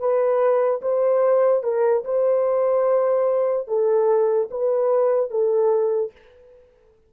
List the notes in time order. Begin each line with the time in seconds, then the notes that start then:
0.00 B4
0.82 C5
1.63 A#4
2.05 C5
3.68 A4
4.51 B4
5.31 A4